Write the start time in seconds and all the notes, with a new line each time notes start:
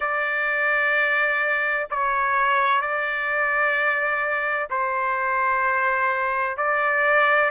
0.00 D5
1.90 C#5
2.81 D5
4.70 C5
6.57 D5